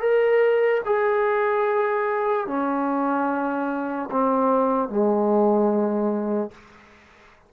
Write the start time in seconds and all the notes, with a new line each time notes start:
0.00 A#4
0.86 G#4
2.47 C#4
4.11 C4
4.89 G#3